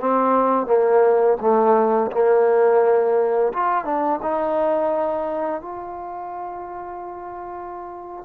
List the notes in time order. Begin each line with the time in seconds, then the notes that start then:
0.00 C4
0.67 A#3
1.41 A3
2.11 A#3
3.53 F4
3.85 D4
4.23 D#4
5.61 F4